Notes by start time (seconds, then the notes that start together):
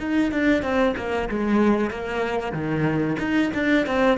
0.00 D#4
0.32 D4
0.63 C4
0.97 A#3
1.30 G#3
1.91 A#3
2.52 D#3
3.20 D#4
3.55 D4
3.87 C4